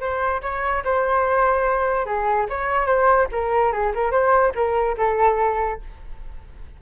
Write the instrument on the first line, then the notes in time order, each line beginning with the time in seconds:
flute
0.00 C5
0.42 C#5
0.84 C5
2.06 G#4
2.49 C#5
2.86 C5
3.32 A#4
3.72 G#4
3.95 A#4
4.11 C5
4.55 A#4
4.97 A4